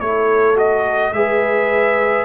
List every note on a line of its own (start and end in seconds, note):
0.00 1.13 A3
0.00 0.56 E4
0.00 1.14 A4
0.00 0.57 C#5
0.56 1.12 F#4
0.56 1.13 D#5
1.13 2.25 G#3
1.13 2.25 G#4
1.13 2.25 B4
1.13 2.25 E5